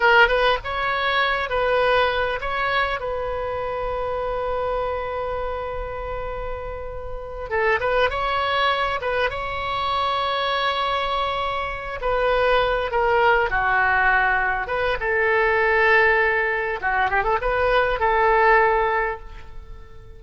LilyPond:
\new Staff \with { instrumentName = "oboe" } { \time 4/4 \tempo 4 = 100 ais'8 b'8 cis''4. b'4. | cis''4 b'2.~ | b'1~ | b'8 a'8 b'8 cis''4. b'8 cis''8~ |
cis''1 | b'4. ais'4 fis'4.~ | fis'8 b'8 a'2. | fis'8 g'16 a'16 b'4 a'2 | }